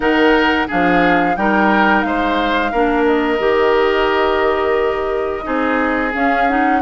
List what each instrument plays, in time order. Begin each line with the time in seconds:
0.00 bassoon D#3, clarinet D#4, oboe A#4, flute F#5
0.67 bassoon F3, clarinet D4, oboe G#4, flute F5
1.36 bassoon G3, clarinet D#4, oboe A#4, flute G5
2.02 bassoon G#3, oboe C5, flute F5
2.71 bassoon A#3, clarinet D4, oboe A#4
3.05 flute D#5
3.38 bassoon D#3, clarinet G4
5.43 bassoon C4, clarinet D#4, oboe G#4
6.13 clarinet C#4, bassoon C#4, flute F5
6.48 clarinet D#4, flute F#5